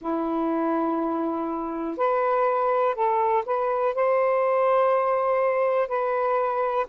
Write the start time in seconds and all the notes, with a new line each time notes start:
0.01 E4
1.97 B4
2.95 A4
3.45 B4
3.94 C5
5.87 B4